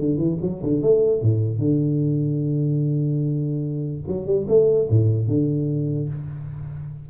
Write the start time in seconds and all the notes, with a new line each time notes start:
0.00 D3
0.18 E3
0.43 F#3
0.64 D3
0.83 A3
1.22 A2
1.59 D3
4.08 F#3
4.27 G3
4.49 A3
4.90 A2
5.28 D3